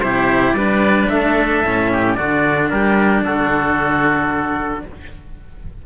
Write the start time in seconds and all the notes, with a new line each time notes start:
0.00 C3 E4 G4 C5
0.52 G3 D4 B4 D5
1.08 A3 A4 E5
1.63 A2 C#4
1.92 G4
2.14 D3 D4 F#4 D5
2.70 G3 G4 A#4
3.22 D3 F#4 A4